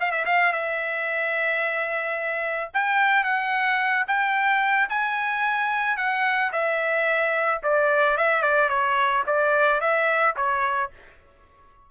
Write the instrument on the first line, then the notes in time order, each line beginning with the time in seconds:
trumpet
0.00 F5
0.11 E5
0.25 F5
0.52 E5
2.73 G5
3.24 F#5
4.07 G5
4.89 G#5
5.97 F#5
6.52 E5
7.63 D5
8.17 E5
8.42 D5
8.69 C#5
9.27 D5
9.80 E5
10.36 C#5